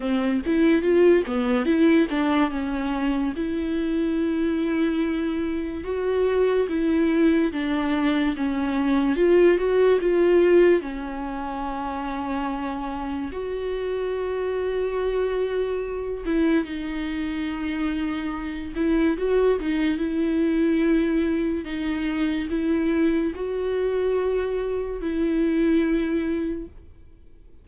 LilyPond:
\new Staff \with { instrumentName = "viola" } { \time 4/4 \tempo 4 = 72 c'8 e'8 f'8 b8 e'8 d'8 cis'4 | e'2. fis'4 | e'4 d'4 cis'4 f'8 fis'8 | f'4 cis'2. |
fis'2.~ fis'8 e'8 | dis'2~ dis'8 e'8 fis'8 dis'8 | e'2 dis'4 e'4 | fis'2 e'2 | }